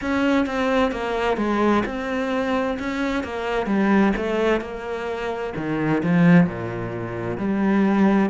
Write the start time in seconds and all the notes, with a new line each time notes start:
0.01 C#4
0.46 C4
0.91 A#3
1.37 G#3
1.85 C4
2.79 C#4
3.23 A#3
3.66 G3
4.16 A3
4.61 A#3
5.56 D#3
6.03 F3
6.46 A#2
7.37 G3